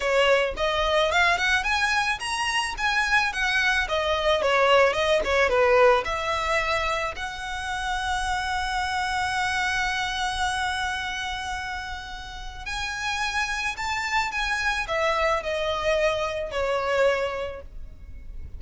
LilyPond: \new Staff \with { instrumentName = "violin" } { \time 4/4 \tempo 4 = 109 cis''4 dis''4 f''8 fis''8 gis''4 | ais''4 gis''4 fis''4 dis''4 | cis''4 dis''8 cis''8 b'4 e''4~ | e''4 fis''2.~ |
fis''1~ | fis''2. gis''4~ | gis''4 a''4 gis''4 e''4 | dis''2 cis''2 | }